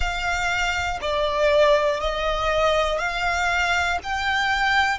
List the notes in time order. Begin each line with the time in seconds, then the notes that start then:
0.00 F5
1.01 D5
2.00 D#5
2.98 F5
4.03 G5